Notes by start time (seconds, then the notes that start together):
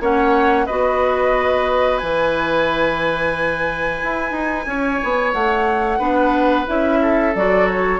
0.00 A#3 C#4 C#5 F#5
0.65 B3 F#4 B4 D#5
1.98 E3 E4 G#5
4.03 E4
4.31 D#4
4.66 C#4 C#5
5.03 B3
5.32 A3 F#5
5.98 B3 D4 B4
6.66 C#4 E4 E5
7.02 A4
7.35 F#3 F#4 D5
7.67 C#5